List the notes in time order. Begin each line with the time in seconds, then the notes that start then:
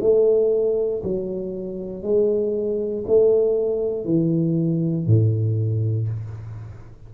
0.00 A3
1.03 F#3
2.02 G#3
3.06 A3
4.05 E3
5.06 A2